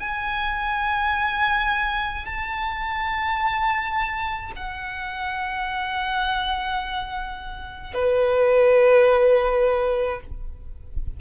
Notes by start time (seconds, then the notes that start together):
0.00 G#5
2.26 A5
4.56 F#5
7.94 B4